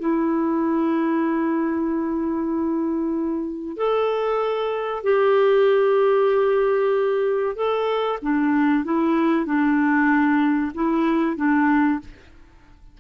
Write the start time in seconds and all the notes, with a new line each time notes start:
0.00 E4
3.77 A4
5.03 G4
7.56 A4
8.22 D4
8.85 E4
9.46 D4
10.75 E4
11.37 D4